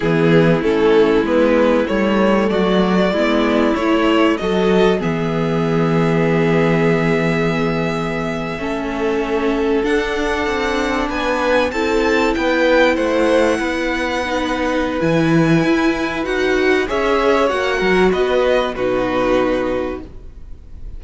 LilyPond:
<<
  \new Staff \with { instrumentName = "violin" } { \time 4/4 \tempo 4 = 96 gis'4 a'4 b'4 cis''4 | d''2 cis''4 dis''4 | e''1~ | e''2.~ e''8. fis''16~ |
fis''4.~ fis''16 gis''4 a''4 g''16~ | g''8. fis''2.~ fis''16 | gis''2 fis''4 e''4 | fis''4 dis''4 b'2 | }
  \new Staff \with { instrumentName = "violin" } { \time 4/4 e'1 | fis'4 e'2 a'4 | gis'1~ | gis'4.~ gis'16 a'2~ a'16~ |
a'4.~ a'16 b'4 a'4 b'16~ | b'8. c''4 b'2~ b'16~ | b'2. cis''4~ | cis''8 ais'8 b'4 fis'2 | }
  \new Staff \with { instrumentName = "viola" } { \time 4/4 b4 cis'4 b4 a4~ | a4 b4 e'4 fis'4 | b1~ | b4.~ b16 cis'2 d'16~ |
d'2~ d'8. e'4~ e'16~ | e'2~ e'8. dis'4~ dis'16 | e'2 fis'4 gis'4 | fis'2 dis'2 | }
  \new Staff \with { instrumentName = "cello" } { \time 4/4 e4 a4 gis4 g4 | fis4 gis4 a4 fis4 | e1~ | e4.~ e16 a2 d'16~ |
d'8. c'4 b4 c'4 b16~ | b8. a4 b2~ b16 | e4 e'4 dis'4 cis'4 | ais8 fis8 b4 b,2 | }
>>